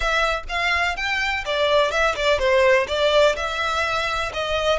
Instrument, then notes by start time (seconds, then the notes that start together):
violin
0.00 E5
0.48 F5
0.96 G5
1.45 D5
1.91 E5
2.15 D5
2.38 C5
2.87 D5
3.36 E5
4.33 D#5